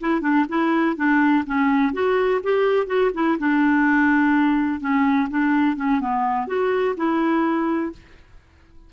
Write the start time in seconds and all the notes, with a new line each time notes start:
0.00 E4
0.21 D4
0.48 E4
0.96 D4
1.46 C#4
1.93 F#4
2.43 G4
2.86 F#4
3.14 E4
3.38 D4
4.80 C#4
5.29 D4
5.76 C#4
6.00 B3
6.47 F#4
6.96 E4